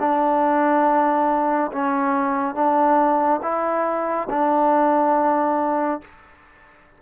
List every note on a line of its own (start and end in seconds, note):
0.00 1.71 D4
1.73 2.55 C#4
2.55 3.41 D4
3.42 4.28 E4
4.30 6.02 D4